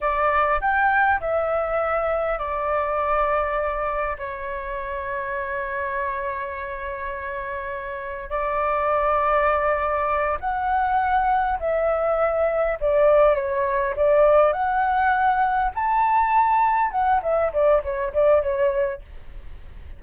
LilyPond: \new Staff \with { instrumentName = "flute" } { \time 4/4 \tempo 4 = 101 d''4 g''4 e''2 | d''2. cis''4~ | cis''1~ | cis''2 d''2~ |
d''4. fis''2 e''8~ | e''4. d''4 cis''4 d''8~ | d''8 fis''2 a''4.~ | a''8 fis''8 e''8 d''8 cis''8 d''8 cis''4 | }